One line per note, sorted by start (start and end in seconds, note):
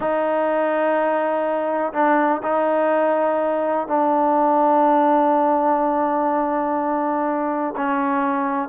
0.00 1.92 D#4
1.93 2.41 D4
2.42 3.87 D#4
3.87 7.74 D4
7.76 8.68 C#4